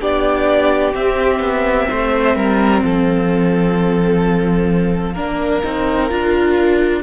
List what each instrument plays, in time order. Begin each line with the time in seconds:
0.00 cello B3, viola D4, violin G4 D5
0.93 viola C4, cello C4, violin E5
1.40 cello B3
1.89 cello A3, violin C5
2.35 cello G3, violin A#4
2.81 cello F3, violin A4 F5
5.14 cello A#3, viola D4, violin A#4
5.64 cello C4, viola D#4
6.09 cello D4, viola F4